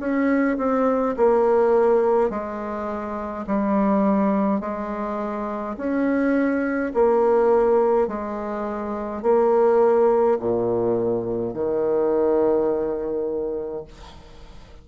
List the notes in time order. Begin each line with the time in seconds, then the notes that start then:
0.00 C#4
0.58 C4
1.17 A#3
2.30 G#3
3.47 G3
4.61 G#3
5.77 C#4
6.94 A#3
8.08 G#3
9.23 A#3
10.40 A#2
11.54 D#3